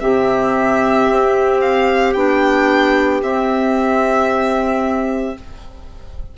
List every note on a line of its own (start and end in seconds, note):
0.00 1.08 C3
0.00 2.14 C4
0.00 5.37 G4
0.00 1.60 E5
1.10 2.15 C4
1.60 2.14 F5
2.14 3.22 B3
2.14 3.22 D4
2.14 3.21 G5
3.22 5.36 C4
3.22 5.37 C4
3.22 5.37 E5